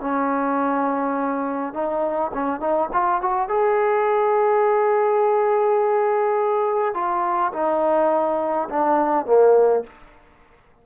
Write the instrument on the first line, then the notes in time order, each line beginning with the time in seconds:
trombone
0.00 C#4
1.73 D#4
2.33 C#4
2.60 D#4
2.93 F4
3.21 F#4
3.48 G#4
6.94 F4
7.53 D#4
8.69 D4
9.25 A#3